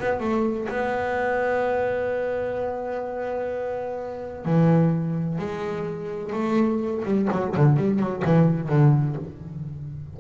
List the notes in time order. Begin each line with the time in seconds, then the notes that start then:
0.00 B3
0.20 A3
0.69 B3
4.46 E3
5.39 G#3
6.33 A3
7.05 G3
7.32 F#3
7.56 D3
7.77 G3
7.99 F#3
8.25 E3
8.69 D3